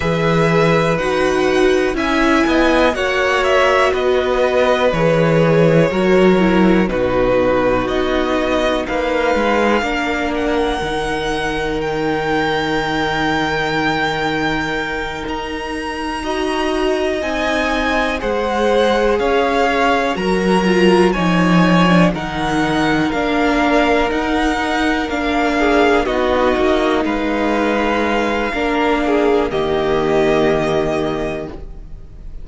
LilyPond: <<
  \new Staff \with { instrumentName = "violin" } { \time 4/4 \tempo 4 = 61 e''4 fis''4 gis''4 fis''8 e''8 | dis''4 cis''2 b'4 | dis''4 f''4. fis''4. | g''2.~ g''8 ais''8~ |
ais''4. gis''4 fis''4 f''8~ | f''8 ais''4 gis''4 fis''4 f''8~ | f''8 fis''4 f''4 dis''4 f''8~ | f''2 dis''2 | }
  \new Staff \with { instrumentName = "violin" } { \time 4/4 b'2 e''8 dis''8 cis''4 | b'2 ais'4 fis'4~ | fis'4 b'4 ais'2~ | ais'1~ |
ais'8 dis''2 c''4 cis''8~ | cis''8 ais'4 cis''4 ais'4.~ | ais'2 gis'8 fis'4 b'8~ | b'4 ais'8 gis'8 g'2 | }
  \new Staff \with { instrumentName = "viola" } { \time 4/4 gis'4 fis'4 e'4 fis'4~ | fis'4 gis'4 fis'8 e'8 dis'4~ | dis'2 d'4 dis'4~ | dis'1~ |
dis'8 fis'4 dis'4 gis'4.~ | gis'8 fis'8 f'8 dis'8. d'16 dis'4 d'8~ | d'8 dis'4 d'4 dis'4.~ | dis'4 d'4 ais2 | }
  \new Staff \with { instrumentName = "cello" } { \time 4/4 e4 dis'4 cis'8 b8 ais4 | b4 e4 fis4 b,4 | b4 ais8 gis8 ais4 dis4~ | dis2.~ dis8 dis'8~ |
dis'4. c'4 gis4 cis'8~ | cis'8 fis4 f4 dis4 ais8~ | ais8 dis'4 ais4 b8 ais8 gis8~ | gis4 ais4 dis2 | }
>>